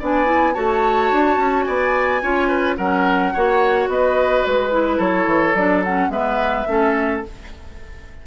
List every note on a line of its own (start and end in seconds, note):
0.00 0.57 B3
0.00 0.26 D4
0.00 0.54 D5
0.00 0.54 G#5
0.26 0.54 E4
0.54 1.12 A3
0.54 2.21 F#4
0.54 1.66 C#5
0.54 1.64 A5
1.12 1.37 D4
1.37 1.65 C#4
1.64 2.22 B3
1.64 2.23 D5
1.64 2.75 G#5
2.22 2.78 C#4
2.22 2.79 F4
2.22 2.48 C#5
2.48 2.76 B4
2.78 3.34 F#3
2.78 3.36 C#4
2.78 3.33 A#4
2.78 3.89 F#5
3.34 3.88 A#3
3.34 4.71 F#4
3.34 3.89 C#5
3.88 4.44 B3
3.88 4.98 B4
3.88 4.45 D#5
4.45 4.99 G#3
4.45 5.01 B4
4.71 5.54 E4
4.98 5.26 F#3
4.98 6.09 A4
4.98 5.56 C#5
5.26 5.54 E3
5.55 6.09 F#3
5.55 5.85 D4
5.55 5.84 D5
5.84 6.11 C#4
5.84 6.11 F#5
6.09 6.64 G#3
6.09 6.66 B3
6.09 6.68 B4
6.09 7.22 E5
6.68 7.23 A3
6.68 7.23 C#4
6.68 7.27 A4